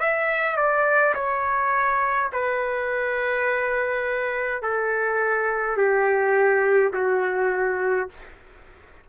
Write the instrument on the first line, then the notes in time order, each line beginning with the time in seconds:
trumpet
0.00 E5
0.57 D5
1.15 C#5
2.32 B4
4.62 A4
5.77 G4
6.93 F#4